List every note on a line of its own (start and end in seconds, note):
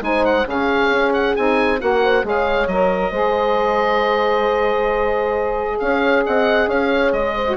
0.00 0.45 G#3
0.00 0.44 D#4
0.00 0.47 C5
0.00 0.24 G#5
0.24 0.46 F#5
0.45 0.89 C#3
0.45 1.34 C#4
0.45 1.81 G#4
0.45 1.13 F5
0.89 1.34 C#4
1.13 1.35 F#5
1.35 1.81 C4
1.35 1.78 D#4
1.35 1.80 G#5
1.78 2.23 A#3
1.78 2.23 F#4
1.78 2.02 A#4
1.78 2.25 F#5
2.02 2.25 C5
2.23 2.67 G#3
2.23 2.67 G#4
2.23 3.10 C#5
2.23 2.67 F5
2.67 3.11 F#3
2.67 3.12 A#4
2.67 5.78 D#5
3.10 5.77 G#3
3.10 7.45 G#4
3.10 5.77 C5
5.79 6.25 C#4
5.79 6.25 C#5
5.79 6.23 F5
6.25 6.67 C4
6.25 6.67 D#5
6.25 6.69 F#5
6.67 7.11 C#4
6.67 7.34 C#5
6.67 7.12 F5
7.12 7.56 G#3
7.12 7.56 D#5
7.35 7.56 C5
7.47 7.56 F#4